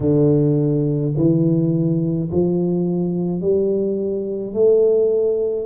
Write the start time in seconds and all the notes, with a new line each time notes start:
0.00 D3
1.16 E3
2.32 F3
3.41 G3
4.53 A3